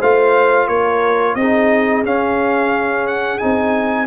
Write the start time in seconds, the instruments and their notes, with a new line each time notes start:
0.00 tuba A3, trombone F4, horn C5, trumpet F5
0.68 tuba A#3, horn A#4, trumpet C#5
1.35 tuba C4, trombone D#4, horn G#4, trumpet D#5
2.04 tuba C#4, trombone C#4, trumpet F5
3.07 trumpet F#5
3.39 tuba C4, trombone D#4, trumpet G#5